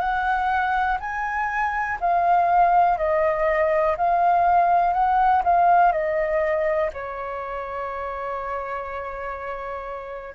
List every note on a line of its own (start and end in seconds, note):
0.00 0.98 F#5
1.01 1.99 G#5
2.01 2.98 F5
2.98 3.97 D#5
3.97 4.94 F5
4.94 5.43 F#5
5.44 5.92 F5
5.92 6.91 D#5
6.94 10.35 C#5